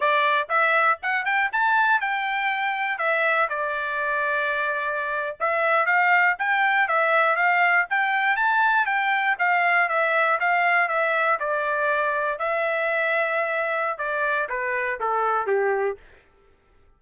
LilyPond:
\new Staff \with { instrumentName = "trumpet" } { \time 4/4 \tempo 4 = 120 d''4 e''4 fis''8 g''8 a''4 | g''2 e''4 d''4~ | d''2~ d''8. e''4 f''16~ | f''8. g''4 e''4 f''4 g''16~ |
g''8. a''4 g''4 f''4 e''16~ | e''8. f''4 e''4 d''4~ d''16~ | d''8. e''2.~ e''16 | d''4 b'4 a'4 g'4 | }